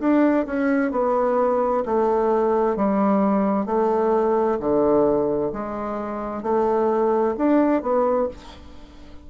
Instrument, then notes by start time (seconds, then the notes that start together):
bassoon
0.00 D4
0.47 C#4
0.92 B3
1.85 A3
2.77 G3
3.66 A3
4.60 D3
5.53 G#3
6.43 A3
7.38 D4
7.83 B3